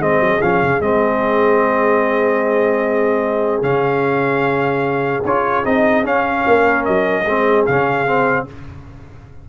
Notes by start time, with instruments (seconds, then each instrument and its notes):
0.00 tuba G#3, trombone C4, horn G#4, trumpet D#5
0.20 tuba F#3
0.41 tuba F3, trombone C#4, trumpet F5
0.62 tuba C#3
0.80 tuba G#3, trombone C4, trumpet D#5
3.62 tuba C#3, trombone C#4, trumpet F5
5.24 tuba C#4, trombone F4, trumpet C#5
5.64 tuba C4, trombone D#4, trumpet D#5
6.04 trombone C#4, tuba C#4, trumpet F5
6.47 tuba A#3, horn A#4
6.85 tuba F#3, trumpet D#5
7.25 tuba G#3, trombone C4, horn G#4
7.66 tuba C#3, trombone C#4, trumpet F5
8.06 trombone C4